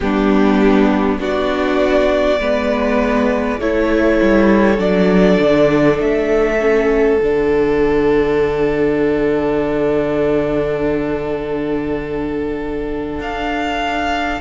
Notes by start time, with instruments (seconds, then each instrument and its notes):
0.00 cello G3, viola B3, violin D4 G4
1.18 cello B3, viola D4, violin F#4 D5
2.40 cello G#3, viola B3, violin B4
3.60 cello A3, viola E4, violin A4 C#5
4.21 cello G3
4.77 cello F#3, viola D4, violin D5
5.39 cello D3
5.99 cello A3, violin E5
6.60 viola C#4
7.21 cello D3, viola D4, violin F#5
13.19 cello D4, violin F5